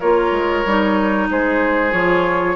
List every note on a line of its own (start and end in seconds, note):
0.00 0.31 A#3
0.00 0.66 F4
0.00 1.28 A#4
0.00 1.28 C#5
0.31 0.63 G#3
0.65 1.29 G3
0.65 1.92 D#4
1.30 1.93 G#3
1.30 2.56 G#4
1.30 1.92 C5
1.92 2.56 F3
1.92 2.55 F4
1.92 2.56 C#5